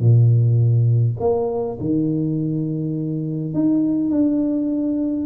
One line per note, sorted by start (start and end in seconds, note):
0.00 1.17 A#2
1.20 1.78 A#3
1.80 3.54 D#3
3.54 4.10 D#4
4.10 5.26 D4